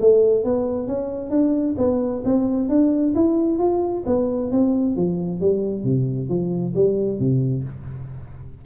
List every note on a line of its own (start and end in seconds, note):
0.00 0.44 A3
0.44 0.87 B3
0.87 1.30 C#4
1.30 1.75 D4
1.78 2.23 B3
2.24 2.69 C4
2.69 3.14 D4
3.15 3.59 E4
3.59 4.04 F4
4.06 4.51 B3
4.51 4.96 C4
4.96 5.41 F3
5.41 5.84 G3
5.84 6.29 C3
6.29 6.74 F3
6.75 7.19 G3
7.19 7.64 C3